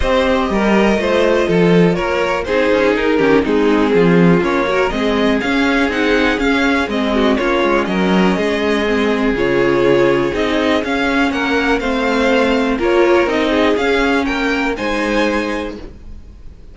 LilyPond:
<<
  \new Staff \with { instrumentName = "violin" } { \time 4/4 \tempo 4 = 122 dis''1 | cis''4 c''4 ais'4 gis'4~ | gis'4 cis''4 dis''4 f''4 | fis''4 f''4 dis''4 cis''4 |
dis''2. cis''4~ | cis''4 dis''4 f''4 fis''4 | f''2 cis''4 dis''4 | f''4 g''4 gis''2 | }
  \new Staff \with { instrumentName = "violin" } { \time 4/4 c''4 ais'4 c''4 a'4 | ais'4 gis'4. g'8 dis'4 | f'4. ais'8 gis'2~ | gis'2~ gis'8 fis'8 f'4 |
ais'4 gis'2.~ | gis'2. ais'4 | c''2 ais'4. gis'8~ | gis'4 ais'4 c''2 | }
  \new Staff \with { instrumentName = "viola" } { \time 4/4 g'2 f'2~ | f'4 dis'4. cis'8 c'4~ | c'4 cis'8 fis'8 c'4 cis'4 | dis'4 cis'4 c'4 cis'4~ |
cis'2 c'4 f'4~ | f'4 dis'4 cis'2 | c'2 f'4 dis'4 | cis'2 dis'2 | }
  \new Staff \with { instrumentName = "cello" } { \time 4/4 c'4 g4 a4 f4 | ais4 c'8 cis'8 dis'8 dis8 gis4 | f4 ais4 gis4 cis'4 | c'4 cis'4 gis4 ais8 gis8 |
fis4 gis2 cis4~ | cis4 c'4 cis'4 ais4 | a2 ais4 c'4 | cis'4 ais4 gis2 | }
>>